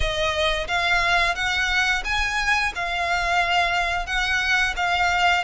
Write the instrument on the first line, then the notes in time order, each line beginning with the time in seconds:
violin
0.00 D#5
0.67 F5
1.35 F#5
2.04 G#5
2.75 F5
4.06 F#5
4.76 F5